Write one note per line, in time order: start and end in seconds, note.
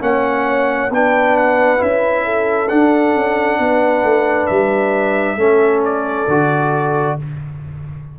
0.00 0.90 A#3
0.00 0.90 C#4
0.00 0.93 C#5
0.00 0.92 F#5
0.90 1.80 B3
0.90 1.78 D4
0.90 2.25 B4
0.90 1.37 G5
1.37 1.82 F#5
1.78 2.72 C#4
1.78 2.67 E4
1.78 2.68 E5
2.25 3.59 A4
2.68 5.38 D4
2.68 3.15 D4
2.68 4.46 F#5
3.15 3.59 C#4
3.59 4.04 B3
3.59 5.38 B4
4.04 4.48 A3
4.46 5.37 G3
4.46 5.81 E5
5.37 6.26 A3
5.37 6.28 C#4
5.37 7.17 A4
5.85 7.19 D5
6.28 7.17 D3
6.28 7.19 F#4